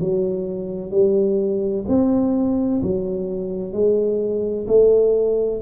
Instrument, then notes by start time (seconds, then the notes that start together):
tuba
0.00 F#3
0.91 G3
1.87 C4
2.82 F#3
3.72 G#3
4.67 A3